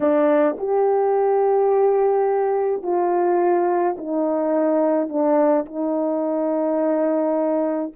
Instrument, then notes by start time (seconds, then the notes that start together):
horn
0.00 D4
0.58 G4
2.82 F4
3.97 D#4
5.08 D4
5.65 D#4